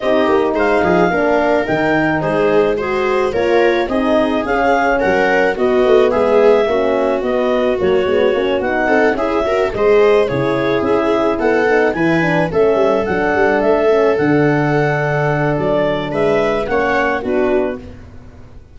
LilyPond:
<<
  \new Staff \with { instrumentName = "clarinet" } { \time 4/4 \tempo 4 = 108 dis''4 f''2 g''4 | c''4 gis'4 cis''4 dis''4 | f''4 fis''4 dis''4 e''4~ | e''4 dis''4 cis''4. fis''8~ |
fis''8 e''4 dis''4 cis''4 e''8~ | e''8 fis''4 gis''4 e''4 fis''8~ | fis''8 e''4 fis''2~ fis''8 | d''4 e''4 fis''4 b'4 | }
  \new Staff \with { instrumentName = "viola" } { \time 4/4 g'4 c''8 gis'8 ais'2 | gis'4 c''4 ais'4 gis'4~ | gis'4 ais'4 fis'4 gis'4 | fis'1 |
a'8 gis'8 ais'8 c''4 gis'4.~ | gis'8 a'4 b'4 a'4.~ | a'1~ | a'4 b'4 cis''4 fis'4 | }
  \new Staff \with { instrumentName = "horn" } { \time 4/4 dis'2 d'4 dis'4~ | dis'4 fis'4 f'4 dis'4 | cis'2 b2 | cis'4 b4 ais8 b8 cis'8 dis'8~ |
dis'8 e'8 fis'8 gis'4 e'4.~ | e'4 dis'8 e'8 d'8 cis'4 d'8~ | d'4 cis'8 d'2~ d'8~ | d'2 cis'4 d'4 | }
  \new Staff \with { instrumentName = "tuba" } { \time 4/4 c'8 ais8 gis8 f8 ais4 dis4 | gis2 ais4 c'4 | cis'4 fis4 b8 a8 gis4 | ais4 b4 fis8 gis8 ais8 b8 |
c'8 cis'4 gis4 cis4 cis'8~ | cis'8 b4 e4 a8 g8 fis8 | g8 a4 d2~ d8 | fis4 gis4 ais4 b4 | }
>>